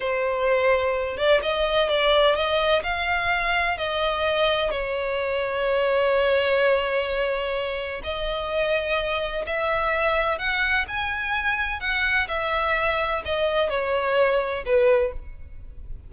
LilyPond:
\new Staff \with { instrumentName = "violin" } { \time 4/4 \tempo 4 = 127 c''2~ c''8 d''8 dis''4 | d''4 dis''4 f''2 | dis''2 cis''2~ | cis''1~ |
cis''4 dis''2. | e''2 fis''4 gis''4~ | gis''4 fis''4 e''2 | dis''4 cis''2 b'4 | }